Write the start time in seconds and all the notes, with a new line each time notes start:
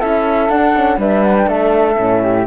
0.00 C#4 E4 A4 E5
0.50 D4 F#5
0.76 C#4
0.98 G3 D4 B4 E5
1.23 F#5
1.37 G5
1.47 A3 A4 E5
1.97 A2 C#4
2.23 G4